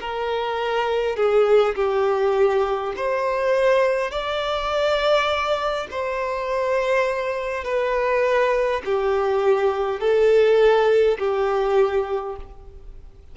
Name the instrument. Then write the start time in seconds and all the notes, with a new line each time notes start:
violin
0.00 A#4
1.16 G#4
1.75 G4
2.96 C5
4.11 D5
5.90 C5
7.64 B4
8.85 G4
10.00 A4
11.18 G4